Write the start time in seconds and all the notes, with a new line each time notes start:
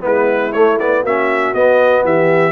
0.00 G#3 B3 E4 B4
0.52 A3 C#5
0.79 B3 D5
1.02 A#3 C#4 F#4 E5
1.54 B3 D#5
2.04 E3 G4 E5